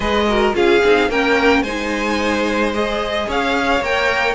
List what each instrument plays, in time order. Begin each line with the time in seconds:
0.00 cello G#3, viola G#4, violin B4 D#5
0.28 viola F#4, violin A#4
0.53 cello C#4, viola F4, violin G#4 F5
0.83 cello C4, viola D#4
1.09 cello A#3, viola C#4, violin A#4 G5
1.62 cello G#3, viola D#4, violin C5 G#5
2.73 viola G#4, violin D#5
3.27 cello C#4, violin C#5 F5
3.80 cello A#3, viola A#4, violin G5